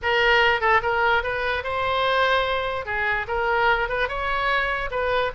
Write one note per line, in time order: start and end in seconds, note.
0.02 0.60 A#4
0.60 0.81 A4
0.82 1.23 A#4
1.23 1.63 B4
1.63 2.85 C5
2.85 3.26 G#4
3.27 3.88 A#4
3.88 4.08 B4
4.08 4.90 C#5
4.90 5.31 B4